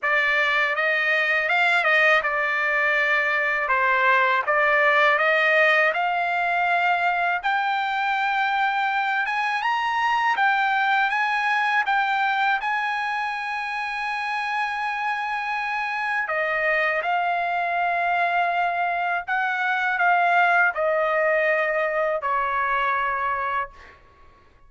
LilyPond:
\new Staff \with { instrumentName = "trumpet" } { \time 4/4 \tempo 4 = 81 d''4 dis''4 f''8 dis''8 d''4~ | d''4 c''4 d''4 dis''4 | f''2 g''2~ | g''8 gis''8 ais''4 g''4 gis''4 |
g''4 gis''2.~ | gis''2 dis''4 f''4~ | f''2 fis''4 f''4 | dis''2 cis''2 | }